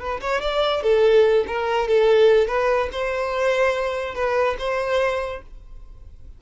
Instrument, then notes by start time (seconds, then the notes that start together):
violin
0.00 B4
0.21 C#5
0.42 D5
0.83 A4
1.48 A#4
1.88 A4
2.48 B4
2.93 C5
4.15 B4
4.59 C5